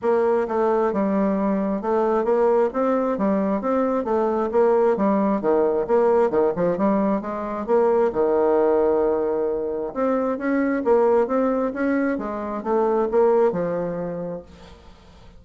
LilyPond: \new Staff \with { instrumentName = "bassoon" } { \time 4/4 \tempo 4 = 133 ais4 a4 g2 | a4 ais4 c'4 g4 | c'4 a4 ais4 g4 | dis4 ais4 dis8 f8 g4 |
gis4 ais4 dis2~ | dis2 c'4 cis'4 | ais4 c'4 cis'4 gis4 | a4 ais4 f2 | }